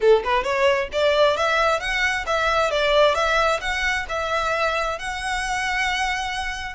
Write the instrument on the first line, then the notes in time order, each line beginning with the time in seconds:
violin
0.00 A4
0.24 B4
0.43 C#5
0.92 D5
1.37 E5
1.79 F#5
2.26 E5
2.70 D5
3.15 E5
3.60 F#5
4.08 E5
4.98 F#5